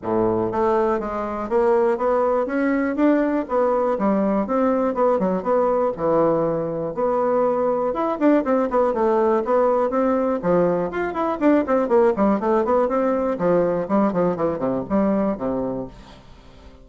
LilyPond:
\new Staff \with { instrumentName = "bassoon" } { \time 4/4 \tempo 4 = 121 a,4 a4 gis4 ais4 | b4 cis'4 d'4 b4 | g4 c'4 b8 fis8 b4 | e2 b2 |
e'8 d'8 c'8 b8 a4 b4 | c'4 f4 f'8 e'8 d'8 c'8 | ais8 g8 a8 b8 c'4 f4 | g8 f8 e8 c8 g4 c4 | }